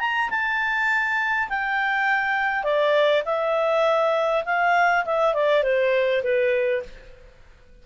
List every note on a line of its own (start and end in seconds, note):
0.00 0.30 A#5
0.30 1.49 A5
1.50 2.64 G5
2.64 3.23 D5
3.26 4.44 E5
4.46 5.05 F5
5.05 5.34 E5
5.34 5.63 D5
5.63 6.23 C5
6.23 6.83 B4